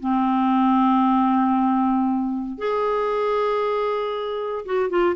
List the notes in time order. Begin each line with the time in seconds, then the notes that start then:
0.00 C4
2.58 G#4
4.66 F#4
4.90 F4